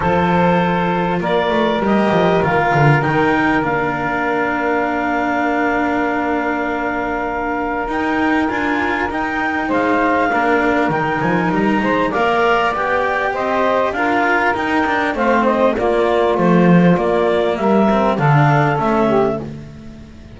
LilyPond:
<<
  \new Staff \with { instrumentName = "clarinet" } { \time 4/4 \tempo 4 = 99 c''2 d''4 dis''4 | f''4 g''4 f''2~ | f''1~ | f''4 g''4 gis''4 g''4 |
f''2 g''8 gis''8 ais''4 | f''4 g''4 dis''4 f''4 | g''4 f''8 dis''8 d''4 c''4 | d''4 e''4 f''4 e''4 | }
  \new Staff \with { instrumentName = "saxophone" } { \time 4/4 a'2 ais'2~ | ais'1~ | ais'1~ | ais'1 |
c''4 ais'2~ ais'8 c''8 | d''2 c''4 ais'4~ | ais'4 c''4 f'2~ | f'4 ais'4 a'4. g'8 | }
  \new Staff \with { instrumentName = "cello" } { \time 4/4 f'2. g'4 | f'4 dis'4 d'2~ | d'1~ | d'4 dis'4 f'4 dis'4~ |
dis'4 d'4 dis'2 | ais'4 g'2 f'4 | dis'8 d'8 c'4 ais4 f4 | ais4. c'8 d'4 cis'4 | }
  \new Staff \with { instrumentName = "double bass" } { \time 4/4 f2 ais8 a8 g8 f8 | dis8 d8 dis4 ais2~ | ais1~ | ais4 dis'4 d'4 dis'4 |
gis4 ais4 dis8 f8 g8 gis8 | ais4 b4 c'4 d'4 | dis'4 a4 ais4 a4 | ais4 g4 d4 a4 | }
>>